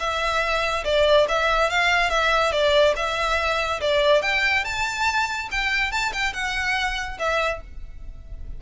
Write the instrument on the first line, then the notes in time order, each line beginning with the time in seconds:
violin
0.00 E5
0.85 D5
1.29 E5
1.70 F5
2.10 E5
2.53 D5
2.96 E5
3.81 D5
4.23 G5
4.65 A5
5.51 G5
5.92 A5
6.13 G5
6.34 F#5
7.19 E5